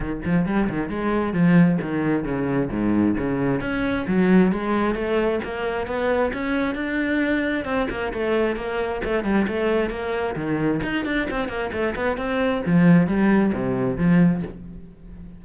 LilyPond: \new Staff \with { instrumentName = "cello" } { \time 4/4 \tempo 4 = 133 dis8 f8 g8 dis8 gis4 f4 | dis4 cis4 gis,4 cis4 | cis'4 fis4 gis4 a4 | ais4 b4 cis'4 d'4~ |
d'4 c'8 ais8 a4 ais4 | a8 g8 a4 ais4 dis4 | dis'8 d'8 c'8 ais8 a8 b8 c'4 | f4 g4 c4 f4 | }